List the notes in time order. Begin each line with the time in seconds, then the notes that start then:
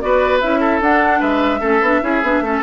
0.00 B3 F#4 B4 D5
0.41 C#4 E4 E5
0.60 A4
0.81 D4 F#5
1.20 G#3 B4 E5
1.61 A3 C#4 A4
1.81 B3 D4
2.02 C#4 E4 G#4
2.23 B3 D4
2.41 A3 C#4 A4